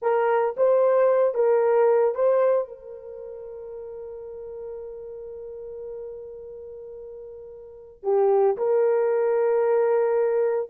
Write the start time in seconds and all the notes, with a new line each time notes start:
0.01 A#4
0.56 C5
1.34 A#4
2.14 C5
2.68 A#4
8.03 G4
8.57 A#4